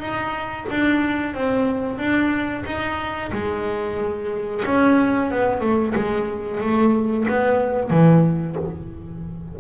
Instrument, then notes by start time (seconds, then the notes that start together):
double bass
0.00 D#4
0.70 D4
1.34 C4
1.98 D4
2.66 D#4
3.32 G#3
4.66 C#4
5.31 B3
5.61 A3
5.95 G#3
6.61 A3
7.29 B3
7.91 E3